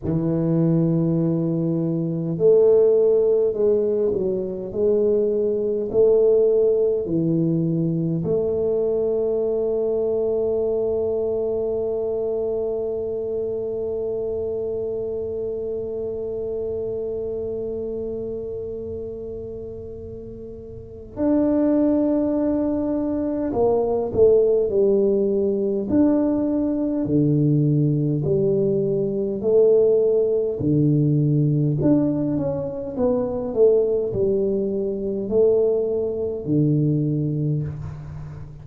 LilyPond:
\new Staff \with { instrumentName = "tuba" } { \time 4/4 \tempo 4 = 51 e2 a4 gis8 fis8 | gis4 a4 e4 a4~ | a1~ | a1~ |
a2 d'2 | ais8 a8 g4 d'4 d4 | g4 a4 d4 d'8 cis'8 | b8 a8 g4 a4 d4 | }